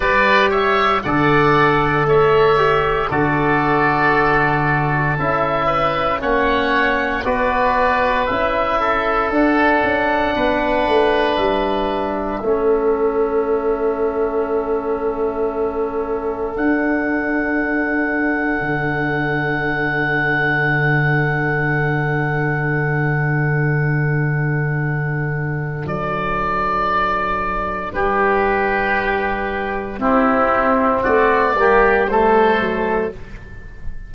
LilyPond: <<
  \new Staff \with { instrumentName = "oboe" } { \time 4/4 \tempo 4 = 58 d''8 e''8 fis''4 e''4 d''4~ | d''4 e''4 fis''4 d''4 | e''4 fis''2 e''4~ | e''1 |
fis''1~ | fis''1~ | fis''4 d''2 b'4~ | b'4 g'4 d''4 c''4 | }
  \new Staff \with { instrumentName = "oboe" } { \time 4/4 b'8 cis''8 d''4 cis''4 a'4~ | a'4. b'8 cis''4 b'4~ | b'8 a'4. b'2 | a'1~ |
a'1~ | a'1~ | a'2. g'4~ | g'4 e'4 fis'8 g'8 a'4 | }
  \new Staff \with { instrumentName = "trombone" } { \time 4/4 g'4 a'4. g'8 fis'4~ | fis'4 e'4 cis'4 fis'4 | e'4 d'2. | cis'1 |
d'1~ | d'1~ | d'1~ | d'4 c'4. ais8 a4 | }
  \new Staff \with { instrumentName = "tuba" } { \time 4/4 g4 d4 a4 d4~ | d4 cis'4 ais4 b4 | cis'4 d'8 cis'8 b8 a8 g4 | a1 |
d'2 d2~ | d1~ | d4 fis2 g4~ | g4 c'4 a8 g4 fis8 | }
>>